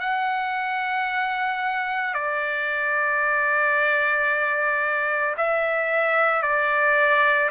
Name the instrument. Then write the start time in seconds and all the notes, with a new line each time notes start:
trumpet
0.00 F#5
2.14 D5
5.37 E5
6.43 D5